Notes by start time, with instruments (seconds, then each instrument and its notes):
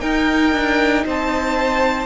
0.00 viola D#4, cello D#4, violin A#4 G5
0.52 cello D4
1.06 cello C4, violin C5 A5